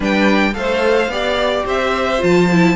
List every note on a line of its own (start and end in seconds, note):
0.00 0.55 G3
0.00 0.53 D4
0.00 0.53 B4
0.00 0.54 G5
0.53 1.08 A3
0.53 1.09 A4
0.53 1.11 C5
0.53 1.65 F5
1.08 1.63 B3
1.08 2.18 G4
1.08 1.65 D5
1.65 2.21 C4
1.65 2.76 C5
1.65 2.23 E5
2.18 2.76 F3
2.18 2.46 F4
2.18 2.76 A5
2.51 2.76 E4